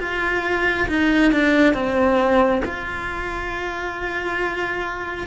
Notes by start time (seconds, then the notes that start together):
0.00 F4
0.89 D#4
1.33 D4
1.74 C4
2.65 F4